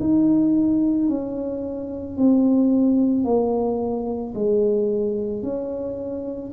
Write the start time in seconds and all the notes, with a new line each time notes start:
0.00 D#4
1.09 C#4
2.17 C4
3.24 A#3
4.35 G#3
5.43 C#4